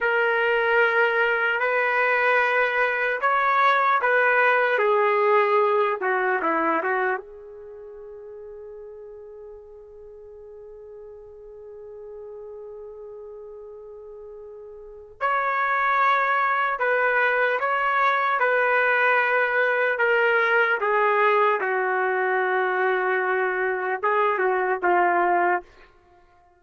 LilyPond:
\new Staff \with { instrumentName = "trumpet" } { \time 4/4 \tempo 4 = 75 ais'2 b'2 | cis''4 b'4 gis'4. fis'8 | e'8 fis'8 gis'2.~ | gis'1~ |
gis'2. cis''4~ | cis''4 b'4 cis''4 b'4~ | b'4 ais'4 gis'4 fis'4~ | fis'2 gis'8 fis'8 f'4 | }